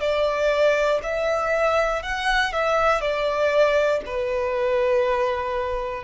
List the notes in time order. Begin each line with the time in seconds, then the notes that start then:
0.00 D5
1.03 E5
2.03 F#5
2.52 E5
3.01 D5
4.05 B4